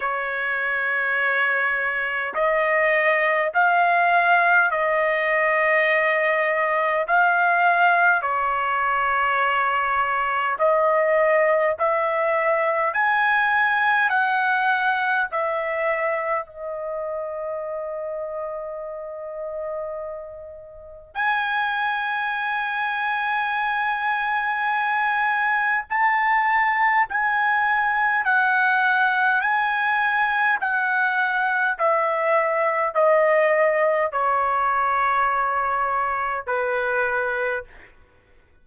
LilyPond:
\new Staff \with { instrumentName = "trumpet" } { \time 4/4 \tempo 4 = 51 cis''2 dis''4 f''4 | dis''2 f''4 cis''4~ | cis''4 dis''4 e''4 gis''4 | fis''4 e''4 dis''2~ |
dis''2 gis''2~ | gis''2 a''4 gis''4 | fis''4 gis''4 fis''4 e''4 | dis''4 cis''2 b'4 | }